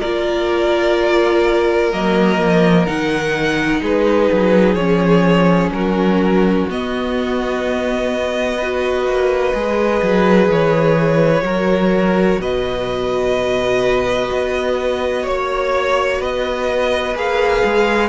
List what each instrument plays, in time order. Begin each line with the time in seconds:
0.00 cello A#3, viola F4, violin A#4 D5
1.93 cello F#3, viola A#3, violin D#5
2.39 cello F3
2.87 cello D#3, viola D#4, violin F#5
3.82 cello G#3, violin G#4 B4
4.33 cello F#3
4.75 cello F3, viola C#4, violin C#5
5.71 cello F#3, violin F#4 A#4
6.69 cello B3, viola B3, violin D#5
8.58 viola F#4, violin B4
9.06 cello A#3
9.54 cello G#3, viola G#4
10.03 cello F#3
10.49 cello E3, violin C#5
11.42 cello F#3, viola F#4, violin A#4
12.39 cello B2, violin B4 D#5
14.32 cello B3
15.23 cello A#3, violin C#5
16.19 cello B3, violin B4 D#5
17.15 cello A#3, viola G#4, violin F5
17.64 cello G#3